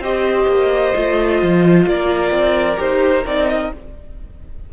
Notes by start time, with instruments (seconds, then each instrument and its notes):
0.00 cello C4, viola G4, violin C5 D#5
0.48 cello A#3
0.96 cello A3, viola F4
1.43 cello F3
1.87 cello A#3, violin A#4 D5
2.31 cello C4
2.77 cello D#4, viola G4, violin C5
3.25 cello C4, viola D#4, violin D5
3.50 violin D#5